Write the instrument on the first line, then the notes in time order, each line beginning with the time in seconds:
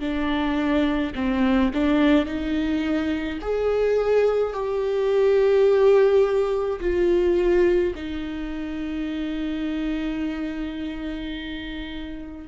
viola
0.00 D4
1.15 C4
1.73 D4
2.25 D#4
3.41 G#4
4.53 G4
6.80 F4
7.95 D#4